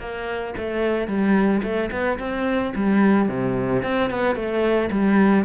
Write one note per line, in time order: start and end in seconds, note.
0.00 0.55 A#3
0.58 1.08 A3
1.08 1.62 G3
1.63 1.91 A3
1.91 2.19 B3
2.19 2.74 C4
2.76 3.29 G3
3.29 3.83 C3
3.83 4.10 C4
4.10 4.36 B3
4.36 4.90 A3
4.91 5.45 G3